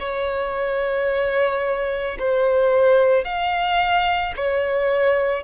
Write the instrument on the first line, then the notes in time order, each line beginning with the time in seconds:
violin
0.00 C#5
2.20 C5
3.25 F5
4.37 C#5